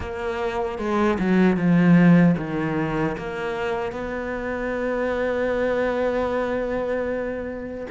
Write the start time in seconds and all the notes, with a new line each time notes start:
0.00 A#3
0.78 G#3
1.19 F#3
1.56 F3
2.37 D#3
3.17 A#3
3.92 B3